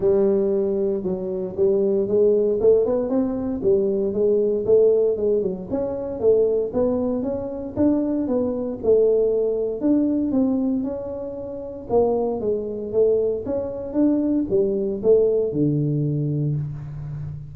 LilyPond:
\new Staff \with { instrumentName = "tuba" } { \time 4/4 \tempo 4 = 116 g2 fis4 g4 | gis4 a8 b8 c'4 g4 | gis4 a4 gis8 fis8 cis'4 | a4 b4 cis'4 d'4 |
b4 a2 d'4 | c'4 cis'2 ais4 | gis4 a4 cis'4 d'4 | g4 a4 d2 | }